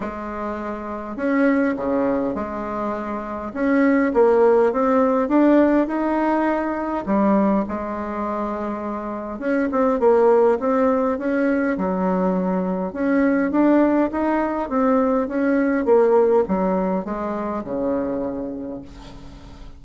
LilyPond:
\new Staff \with { instrumentName = "bassoon" } { \time 4/4 \tempo 4 = 102 gis2 cis'4 cis4 | gis2 cis'4 ais4 | c'4 d'4 dis'2 | g4 gis2. |
cis'8 c'8 ais4 c'4 cis'4 | fis2 cis'4 d'4 | dis'4 c'4 cis'4 ais4 | fis4 gis4 cis2 | }